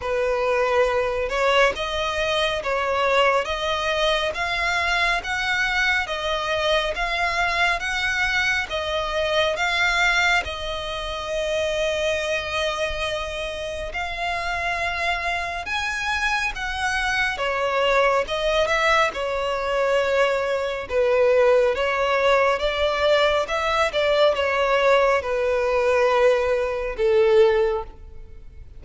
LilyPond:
\new Staff \with { instrumentName = "violin" } { \time 4/4 \tempo 4 = 69 b'4. cis''8 dis''4 cis''4 | dis''4 f''4 fis''4 dis''4 | f''4 fis''4 dis''4 f''4 | dis''1 |
f''2 gis''4 fis''4 | cis''4 dis''8 e''8 cis''2 | b'4 cis''4 d''4 e''8 d''8 | cis''4 b'2 a'4 | }